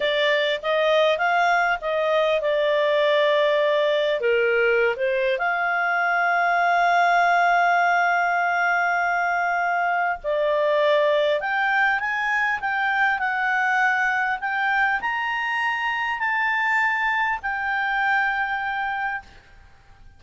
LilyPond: \new Staff \with { instrumentName = "clarinet" } { \time 4/4 \tempo 4 = 100 d''4 dis''4 f''4 dis''4 | d''2. ais'4~ | ais'16 c''8. f''2.~ | f''1~ |
f''4 d''2 g''4 | gis''4 g''4 fis''2 | g''4 ais''2 a''4~ | a''4 g''2. | }